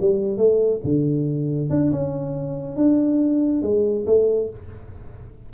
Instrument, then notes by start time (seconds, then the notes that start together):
tuba
0.00 G3
0.37 A3
0.84 D3
1.70 D4
1.91 C#4
2.76 D4
3.62 G#3
4.06 A3